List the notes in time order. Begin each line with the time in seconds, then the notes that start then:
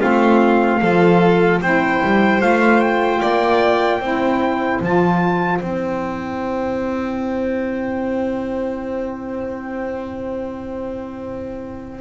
0.00 A3 C4 F4 F5
0.81 F3 F4 A4
1.62 C4 E4 C5 G5
2.04 G3
2.40 A3 F4 F5
2.81 G5
3.21 A#3 D5
4.00 C4 E4 C5
4.81 F3 F4 A5
5.59 C4 E4 G5